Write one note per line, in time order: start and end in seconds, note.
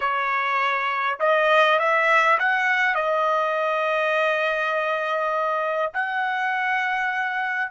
0.00 1.19 C#5
1.19 1.79 D#5
1.79 2.38 E5
2.39 2.95 F#5
2.95 5.92 D#5
5.93 7.71 F#5